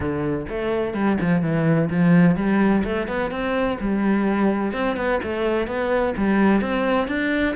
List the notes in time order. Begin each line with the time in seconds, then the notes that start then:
0.00 D3
0.49 A3
0.94 G3
1.20 F3
1.42 E3
1.90 F3
2.36 G3
2.83 A3
3.07 B3
3.30 C4
3.80 G3
4.72 C4
4.96 B3
5.23 A3
5.67 B3
6.17 G3
6.61 C4
7.07 D4